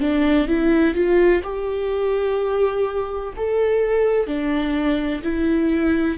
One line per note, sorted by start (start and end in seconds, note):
0.00 0.48 D4
0.48 0.94 E4
0.94 1.42 F4
1.43 3.33 G4
3.36 4.27 A4
4.27 5.22 D4
5.23 6.18 E4